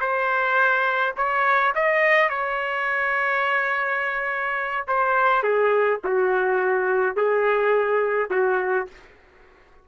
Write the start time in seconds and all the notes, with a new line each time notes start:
0.00 C5
1.16 C#5
1.75 D#5
2.29 C#5
4.87 C5
5.42 G#4
6.04 F#4
7.16 G#4
8.30 F#4